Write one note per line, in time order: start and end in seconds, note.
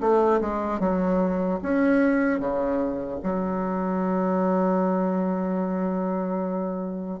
0.00 0.40 A3
0.40 0.79 G#3
0.79 1.59 F#3
1.62 2.39 C#4
2.39 3.19 C#3
3.23 7.20 F#3